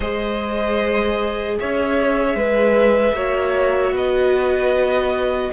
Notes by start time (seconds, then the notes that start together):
0.00 G#3 G#4 C5 D#5
1.59 C#4 C#5 E5
2.35 G#3 B4
3.12 A#3 F#4 C#5
3.92 B3 B4 D#5